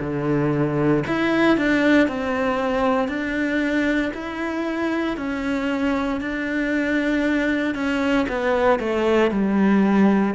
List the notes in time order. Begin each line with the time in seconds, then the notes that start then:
0.00 D3
1.07 E4
1.58 D4
2.07 C4
3.08 D4
4.14 E4
5.17 C#4
6.21 D4
7.74 C#4
8.29 B3
8.79 A3
9.31 G3